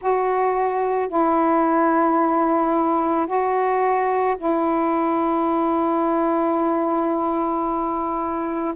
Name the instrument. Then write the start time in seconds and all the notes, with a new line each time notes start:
saxophone
0.01 F#4
1.08 E4
3.27 F#4
4.37 E4